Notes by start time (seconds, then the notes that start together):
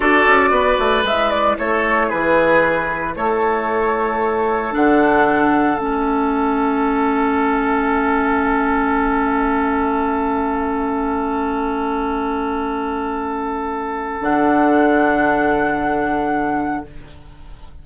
0.00 D4 F#4 A4 D5
0.27 C#4
0.50 B3 B4
0.78 A3
1.03 G#3 E4 E5
1.30 D5
1.58 A3 A4 C#5
2.07 E3 G#4 B4
3.16 A3 A4 C#5
4.71 D3 D4 F#5
5.76 A3 C#4 E5
14.21 D3 D4 F#5